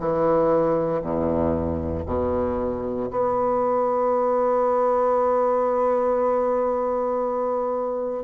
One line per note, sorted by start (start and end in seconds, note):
0.00 1.02 E3
1.02 2.05 E2
2.06 3.09 B2
3.11 8.24 B3